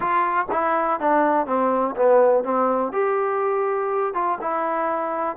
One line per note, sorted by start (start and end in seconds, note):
0.00 0.46 F4
0.51 1.00 E4
1.00 1.46 D4
1.46 1.95 C4
1.95 2.44 B3
2.44 2.92 C4
2.92 4.14 G4
4.14 4.38 F4
4.41 5.36 E4